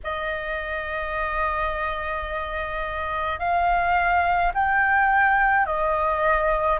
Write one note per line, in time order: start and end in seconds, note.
0.03 3.39 D#5
3.39 4.52 F5
4.54 5.66 G5
5.66 6.79 D#5